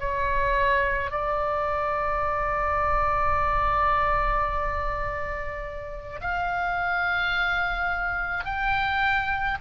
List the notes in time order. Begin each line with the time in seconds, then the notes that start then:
0.00 C#5
1.11 D5
6.21 F5
8.45 G5